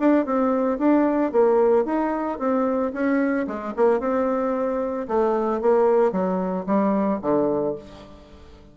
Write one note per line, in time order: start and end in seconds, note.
0.00 0.26 D4
0.26 0.79 C4
0.79 1.32 D4
1.32 1.86 A#3
1.86 2.39 D#4
2.39 2.93 C4
2.93 3.47 C#4
3.47 3.74 G#3
3.77 4.01 A#3
4.01 5.08 C4
5.08 5.62 A3
5.62 6.13 A#3
6.13 6.66 F#3
6.67 7.20 G3
7.22 7.76 D3